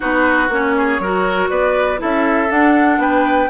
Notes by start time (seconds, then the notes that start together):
0.00 B3 D#4 F#4 B4
0.48 A#3 C#4 C#5
0.77 G#4
0.99 F#3 F#4 A#4
1.49 B3 B4 D5
1.97 C#4 E4 A4 E5
2.49 D4 F#5
2.98 B3 B4 G5